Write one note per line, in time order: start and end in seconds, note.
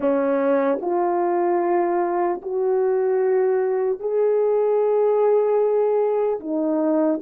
0.00 0.79 C#4
0.81 2.41 F4
2.41 3.99 F#4
3.99 6.39 G#4
6.40 7.20 D#4